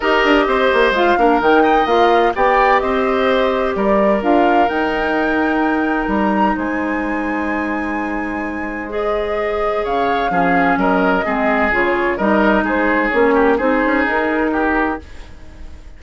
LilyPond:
<<
  \new Staff \with { instrumentName = "flute" } { \time 4/4 \tempo 4 = 128 dis''2 f''4 g''4 | f''4 g''4 dis''2 | d''4 f''4 g''2~ | g''4 ais''4 gis''2~ |
gis''2. dis''4~ | dis''4 f''2 dis''4~ | dis''4 cis''4 dis''4 c''4 | cis''4 c''4 ais'2 | }
  \new Staff \with { instrumentName = "oboe" } { \time 4/4 ais'4 c''4. ais'4 dis''8~ | dis''4 d''4 c''2 | ais'1~ | ais'2 c''2~ |
c''1~ | c''4 cis''4 gis'4 ais'4 | gis'2 ais'4 gis'4~ | gis'8 g'8 gis'2 g'4 | }
  \new Staff \with { instrumentName = "clarinet" } { \time 4/4 g'2 f'8 d'8 dis'4 | f'4 g'2.~ | g'4 f'4 dis'2~ | dis'1~ |
dis'2. gis'4~ | gis'2 cis'2 | c'4 f'4 dis'2 | cis'4 dis'2. | }
  \new Staff \with { instrumentName = "bassoon" } { \time 4/4 dis'8 d'8 c'8 ais8 gis8 ais8 dis4 | ais4 b4 c'2 | g4 d'4 dis'2~ | dis'4 g4 gis2~ |
gis1~ | gis4 cis4 f4 fis4 | gis4 cis4 g4 gis4 | ais4 c'8 cis'8 dis'2 | }
>>